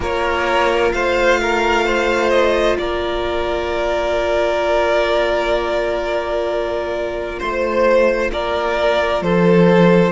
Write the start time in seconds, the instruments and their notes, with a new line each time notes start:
0.00 cello A#3, viola F4, violin A#4 C#5
0.92 cello A3, violin C5 F5
1.40 violin A#4
1.85 violin C5
2.29 violin D#5
2.77 cello A#3, violin A#4 D5
7.38 cello A3, violin C5
8.31 cello A#3, violin A#4 D5
9.21 cello F3, violin A4 C5